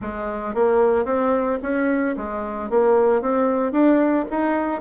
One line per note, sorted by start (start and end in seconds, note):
0.01 0.54 G#3
0.54 1.05 A#3
1.05 1.59 C4
1.62 2.16 C#4
2.16 2.69 G#3
2.69 3.21 A#3
3.21 3.71 C4
3.71 4.25 D4
4.30 4.81 D#4